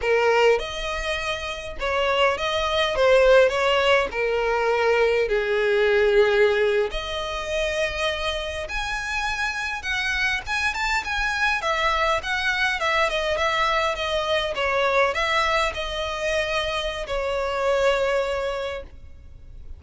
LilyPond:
\new Staff \with { instrumentName = "violin" } { \time 4/4 \tempo 4 = 102 ais'4 dis''2 cis''4 | dis''4 c''4 cis''4 ais'4~ | ais'4 gis'2~ gis'8. dis''16~ | dis''2~ dis''8. gis''4~ gis''16~ |
gis''8. fis''4 gis''8 a''8 gis''4 e''16~ | e''8. fis''4 e''8 dis''8 e''4 dis''16~ | dis''8. cis''4 e''4 dis''4~ dis''16~ | dis''4 cis''2. | }